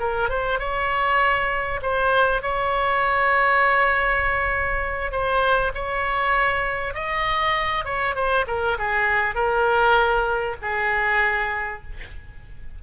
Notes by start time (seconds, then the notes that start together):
0.00 A#4
0.29 C5
0.60 C#5
1.82 C5
2.42 C#5
5.12 C5
5.75 C#5
6.94 D#5
7.85 C#5
8.15 C5
8.48 A#4
8.79 G#4
9.35 A#4
10.62 G#4